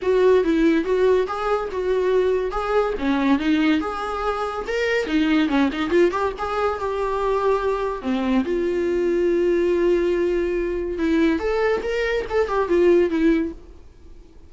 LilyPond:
\new Staff \with { instrumentName = "viola" } { \time 4/4 \tempo 4 = 142 fis'4 e'4 fis'4 gis'4 | fis'2 gis'4 cis'4 | dis'4 gis'2 ais'4 | dis'4 cis'8 dis'8 f'8 g'8 gis'4 |
g'2. c'4 | f'1~ | f'2 e'4 a'4 | ais'4 a'8 g'8 f'4 e'4 | }